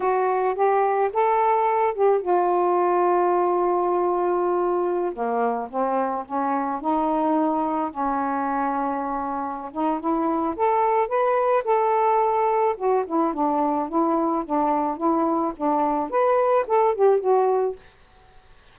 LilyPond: \new Staff \with { instrumentName = "saxophone" } { \time 4/4 \tempo 4 = 108 fis'4 g'4 a'4. g'8 | f'1~ | f'4~ f'16 ais4 c'4 cis'8.~ | cis'16 dis'2 cis'4.~ cis'16~ |
cis'4. dis'8 e'4 a'4 | b'4 a'2 fis'8 e'8 | d'4 e'4 d'4 e'4 | d'4 b'4 a'8 g'8 fis'4 | }